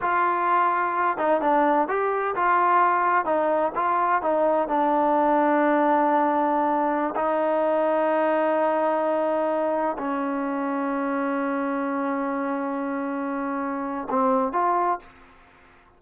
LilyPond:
\new Staff \with { instrumentName = "trombone" } { \time 4/4 \tempo 4 = 128 f'2~ f'8 dis'8 d'4 | g'4 f'2 dis'4 | f'4 dis'4 d'2~ | d'2.~ d'16 dis'8.~ |
dis'1~ | dis'4~ dis'16 cis'2~ cis'8.~ | cis'1~ | cis'2 c'4 f'4 | }